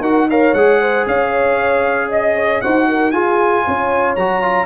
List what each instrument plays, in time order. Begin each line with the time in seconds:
0.00 tuba D#4, trombone F#4, horn A#4, trumpet F#5
0.30 trombone A#4, horn C#5, trumpet F5
0.53 tuba G#3, trombone G#4, trumpet F#5
0.81 horn C5
1.06 tuba C#4, horn C#5, trumpet F5
2.09 horn D#5, trumpet D#5
2.35 horn C#5
2.61 tuba D#4, trombone F#4, horn C5, trumpet F#5
2.88 horn A#4
3.11 tuba F4, trombone F4, horn G#4, trumpet G#5
3.64 tuba C#4, horn C#5
4.16 tuba F#3, trombone F#4, trumpet A#5
4.42 trombone F4